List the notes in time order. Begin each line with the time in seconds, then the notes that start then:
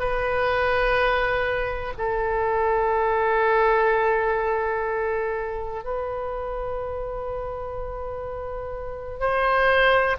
0.00 B4
1.98 A4
5.85 B4
9.20 C5